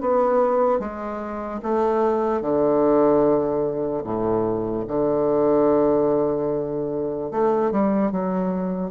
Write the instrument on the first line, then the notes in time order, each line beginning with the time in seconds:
bassoon
0.00 B3
0.79 G#3
1.62 A3
2.41 D3
4.04 A2
4.87 D3
7.31 A3
7.71 G3
8.11 F#3